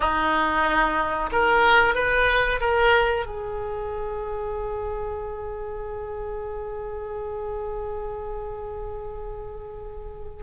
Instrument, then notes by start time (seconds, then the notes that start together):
oboe
0.00 D#4
1.32 A#4
1.94 B4
2.60 A#4
3.25 G#4